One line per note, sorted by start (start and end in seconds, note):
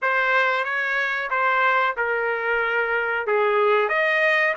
0.02 0.64 C5
0.64 1.29 C#5
1.30 1.95 C5
1.96 3.26 A#4
3.26 3.89 G#4
3.89 4.54 D#5